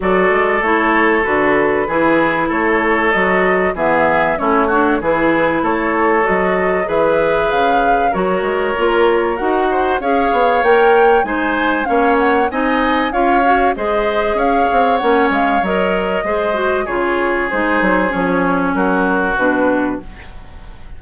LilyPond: <<
  \new Staff \with { instrumentName = "flute" } { \time 4/4 \tempo 4 = 96 d''4 cis''4 b'2 | cis''4 dis''4 e''4 cis''4 | b'4 cis''4 dis''4 e''4 | f''4 cis''2 fis''4 |
f''4 g''4 gis''4 f''8 fis''8 | gis''4 f''4 dis''4 f''4 | fis''8 f''8 dis''2 cis''4 | c''4 cis''4 ais'4 b'4 | }
  \new Staff \with { instrumentName = "oboe" } { \time 4/4 a'2. gis'4 | a'2 gis'4 e'8 fis'8 | gis'4 a'2 b'4~ | b'4 ais'2~ ais'8 c''8 |
cis''2 c''4 cis''4 | dis''4 cis''4 c''4 cis''4~ | cis''2 c''4 gis'4~ | gis'2 fis'2 | }
  \new Staff \with { instrumentName = "clarinet" } { \time 4/4 fis'4 e'4 fis'4 e'4~ | e'4 fis'4 b4 cis'8 d'8 | e'2 fis'4 gis'4~ | gis'4 fis'4 f'4 fis'4 |
gis'4 ais'4 dis'4 cis'4 | dis'4 f'8 fis'8 gis'2 | cis'4 ais'4 gis'8 fis'8 f'4 | dis'4 cis'2 d'4 | }
  \new Staff \with { instrumentName = "bassoon" } { \time 4/4 fis8 gis8 a4 d4 e4 | a4 fis4 e4 a4 | e4 a4 fis4 e4 | cis4 fis8 gis8 ais4 dis'4 |
cis'8 b8 ais4 gis4 ais4 | c'4 cis'4 gis4 cis'8 c'8 | ais8 gis8 fis4 gis4 cis4 | gis8 fis8 f4 fis4 b,4 | }
>>